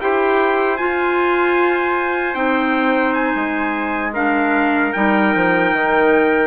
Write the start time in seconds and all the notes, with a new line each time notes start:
0.00 E4 G4 C5 G5
0.77 F4 G#5
2.34 C4 D#4 G5
3.14 G#5
3.35 G#3
4.13 D4 A#4 F5
4.92 G3 D#4 G5
5.35 F3
5.72 D#3